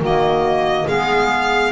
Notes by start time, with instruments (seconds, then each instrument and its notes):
0.00 double bass D#3, clarinet A#3, saxophone F#4, violin D#5
0.85 double bass G#3, clarinet B3, saxophone G#4, violin F5